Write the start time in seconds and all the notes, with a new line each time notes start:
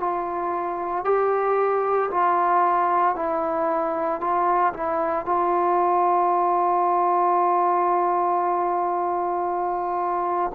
0.00 F4
1.05 G4
2.11 F4
3.16 E4
4.21 F4
4.74 E4
5.26 F4